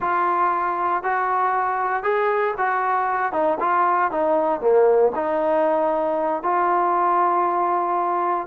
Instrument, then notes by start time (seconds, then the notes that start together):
trombone
0.00 F4
1.03 F#4
2.03 G#4
2.57 F#4
3.32 D#4
3.60 F4
4.11 D#4
4.61 A#3
5.15 D#4
6.42 F4